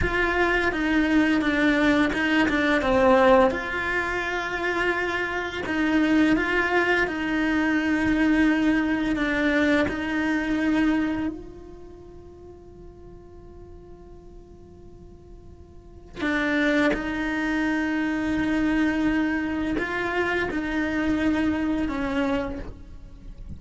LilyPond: \new Staff \with { instrumentName = "cello" } { \time 4/4 \tempo 4 = 85 f'4 dis'4 d'4 dis'8 d'8 | c'4 f'2. | dis'4 f'4 dis'2~ | dis'4 d'4 dis'2 |
f'1~ | f'2. d'4 | dis'1 | f'4 dis'2 cis'4 | }